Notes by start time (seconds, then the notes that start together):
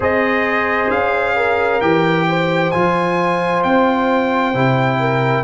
0.00 C4 G#4 C5 D#5
0.90 C#4 F5
1.35 A#4
1.80 E3 G4 G5
2.28 C5
2.71 F3 F4 G#5
3.63 C4 G5
4.53 C3 E4
4.99 A#4